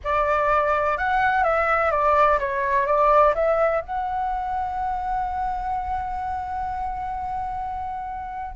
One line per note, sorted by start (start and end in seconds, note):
0.03 0.97 D5
0.97 1.43 F#5
1.43 1.91 E5
1.91 2.38 D5
2.39 2.86 C#5
2.86 3.34 D5
3.34 3.81 E5
3.81 8.55 F#5